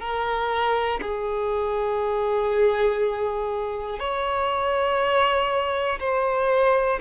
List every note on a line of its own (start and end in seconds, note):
0.00 1.00 A#4
1.00 3.99 G#4
3.99 5.99 C#5
5.99 6.99 C5